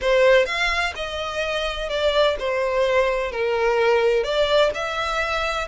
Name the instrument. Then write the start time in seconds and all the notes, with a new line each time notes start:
violin
0.01 C5
0.45 F5
0.95 D#5
1.89 D5
2.39 C5
3.31 A#4
4.23 D5
4.74 E5